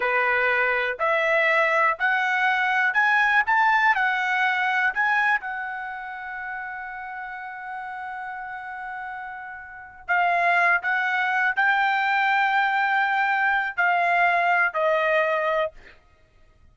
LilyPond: \new Staff \with { instrumentName = "trumpet" } { \time 4/4 \tempo 4 = 122 b'2 e''2 | fis''2 gis''4 a''4 | fis''2 gis''4 fis''4~ | fis''1~ |
fis''1~ | fis''8 f''4. fis''4. g''8~ | g''1 | f''2 dis''2 | }